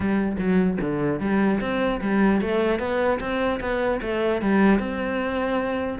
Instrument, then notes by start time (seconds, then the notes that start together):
cello
0.00 G3
0.38 F#3
0.81 D3
1.20 G3
1.60 C4
2.01 G3
2.41 A3
2.79 B3
3.20 C4
3.60 B3
4.01 A3
4.41 G3
4.79 C4